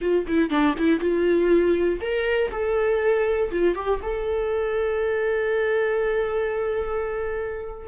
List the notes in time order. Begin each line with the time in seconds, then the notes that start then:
0.01 F4
0.27 E4
0.50 D4
0.77 E4
1.00 F4
2.00 A#4
2.51 A4
3.51 F4
3.75 G4
4.02 A4